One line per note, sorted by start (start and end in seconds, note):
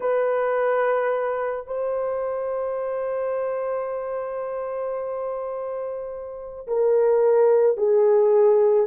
0.00 1.66 B4
1.67 6.67 C5
6.67 7.77 A#4
7.77 8.86 G#4